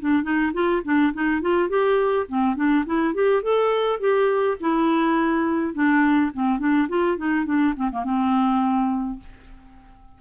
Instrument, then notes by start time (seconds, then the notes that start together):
clarinet
0.00 D4
0.23 D#4
0.53 F4
0.84 D4
1.14 D#4
1.42 F4
1.69 G4
2.28 C4
2.56 D4
2.86 E4
3.14 G4
3.43 A4
4.00 G4
4.60 E4
5.74 D4
6.34 C4
6.59 D4
6.89 F4
7.18 D#4
7.46 D4
7.76 C4
7.92 A#3
8.04 C4